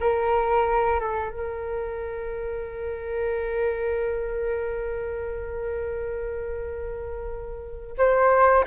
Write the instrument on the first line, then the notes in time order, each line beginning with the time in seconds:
flute
0.00 A#4
0.99 A4
1.30 A#4
7.97 C5